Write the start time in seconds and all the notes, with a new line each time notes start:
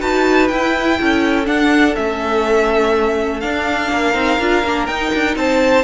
0.00 D#4 F#4 B4 A5
0.48 E4 G5
1.01 C#4 A4
1.45 D4 F#5
1.96 A3 C#4 E5
3.41 D4 F5
3.92 A#3 A#4
4.14 C4 D#4
4.40 D4 F4
4.64 A#3 D4
4.87 D#4 G5
5.14 D4
5.36 C4 C5 A5